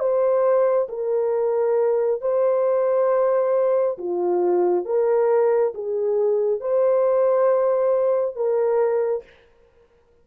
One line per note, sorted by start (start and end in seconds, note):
0.00 0.88 C5
0.89 2.22 A#4
2.22 3.98 C5
3.99 4.86 F4
4.86 5.74 A#4
5.75 6.61 G#4
6.61 8.36 C5
8.36 9.24 A#4